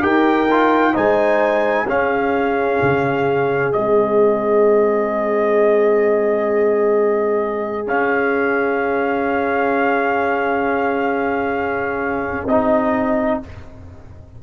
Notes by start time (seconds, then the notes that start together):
0.00 D#4 G4 A#4 G5
0.51 F4
0.93 G#3 D#4 C5 G#5
1.85 C#4 G#4 F5
2.82 C#3
3.72 G#3 C4 D#5
7.86 C#4 F5
12.45 C4 D#4 D#5